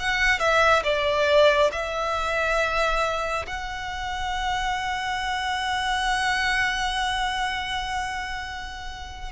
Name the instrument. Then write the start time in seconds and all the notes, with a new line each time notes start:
violin
0.00 F#5
0.40 E5
0.84 D5
1.72 E5
3.47 F#5